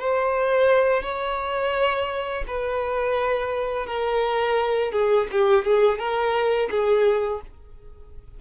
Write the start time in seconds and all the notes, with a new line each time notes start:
0.00 C5
1.03 C#5
2.47 B4
3.86 A#4
4.92 G#4
5.31 G4
5.65 G#4
5.98 A#4
6.70 G#4